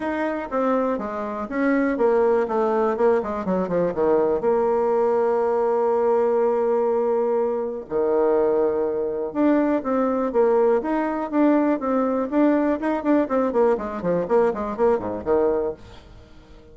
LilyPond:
\new Staff \with { instrumentName = "bassoon" } { \time 4/4 \tempo 4 = 122 dis'4 c'4 gis4 cis'4 | ais4 a4 ais8 gis8 fis8 f8 | dis4 ais2.~ | ais1 |
dis2. d'4 | c'4 ais4 dis'4 d'4 | c'4 d'4 dis'8 d'8 c'8 ais8 | gis8 f8 ais8 gis8 ais8 gis,8 dis4 | }